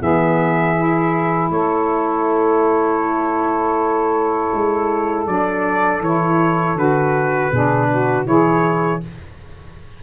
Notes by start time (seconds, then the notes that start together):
0.00 E3 B3 G#4 E5
0.76 E4
1.50 A3 A4 C#5
4.54 G#3
5.26 F#3 D4 D5
6.00 E3 E4 C#5
6.75 D3 F#4 B4
7.50 B2 D4 G#4
7.90 F#4
8.25 E3 E4 G#4 C#5